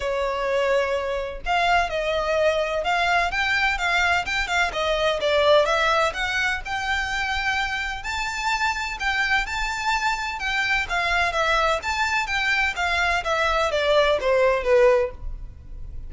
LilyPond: \new Staff \with { instrumentName = "violin" } { \time 4/4 \tempo 4 = 127 cis''2. f''4 | dis''2 f''4 g''4 | f''4 g''8 f''8 dis''4 d''4 | e''4 fis''4 g''2~ |
g''4 a''2 g''4 | a''2 g''4 f''4 | e''4 a''4 g''4 f''4 | e''4 d''4 c''4 b'4 | }